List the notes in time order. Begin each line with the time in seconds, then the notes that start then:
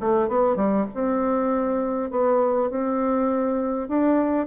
0.00 A3
0.28 B3
0.56 G3
0.94 C4
2.11 B3
2.70 C4
3.88 D4